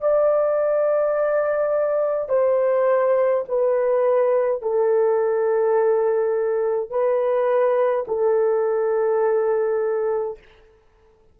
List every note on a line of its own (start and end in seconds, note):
0.00 2.29 D5
2.29 3.44 C5
3.48 4.62 B4
4.62 6.90 A4
6.90 8.05 B4
8.08 10.38 A4